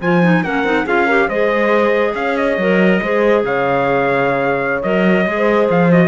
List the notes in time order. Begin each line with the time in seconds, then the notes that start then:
0.00 F3 F4 C5 G#5
0.22 D#4
0.43 A#3 C#4 A#4 F#5
0.64 C4 D#4
0.85 C#4 F4 G#4 F5
1.06 G4 A#4
1.28 G#3 G#4 C5 D#5
2.15 C#4 C#5 F5
2.37 D#5
2.57 F#3 A#4
3.02 G#3 G#4 C5
3.43 C#3 C#5 F5
4.83 F#3 A#4 D#5
5.26 G#3 G#4
5.36 C5
5.70 F3 F5
5.91 F#4 D#5